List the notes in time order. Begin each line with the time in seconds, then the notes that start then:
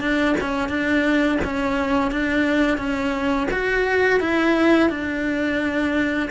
0.00 D4
0.40 C#4
0.68 D4
1.43 C#4
2.11 D4
2.77 C#4
3.51 F#4
4.20 E4
4.89 D4